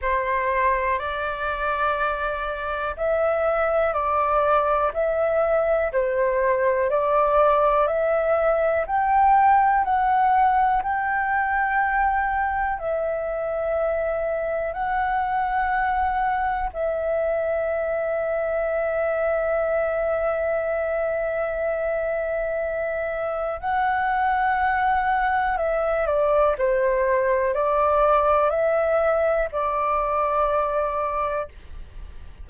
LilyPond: \new Staff \with { instrumentName = "flute" } { \time 4/4 \tempo 4 = 61 c''4 d''2 e''4 | d''4 e''4 c''4 d''4 | e''4 g''4 fis''4 g''4~ | g''4 e''2 fis''4~ |
fis''4 e''2.~ | e''1 | fis''2 e''8 d''8 c''4 | d''4 e''4 d''2 | }